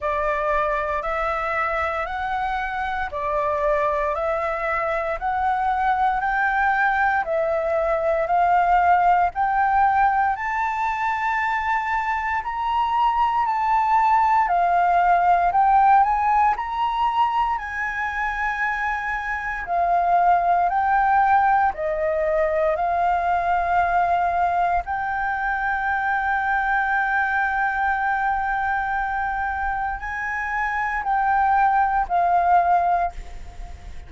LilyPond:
\new Staff \with { instrumentName = "flute" } { \time 4/4 \tempo 4 = 58 d''4 e''4 fis''4 d''4 | e''4 fis''4 g''4 e''4 | f''4 g''4 a''2 | ais''4 a''4 f''4 g''8 gis''8 |
ais''4 gis''2 f''4 | g''4 dis''4 f''2 | g''1~ | g''4 gis''4 g''4 f''4 | }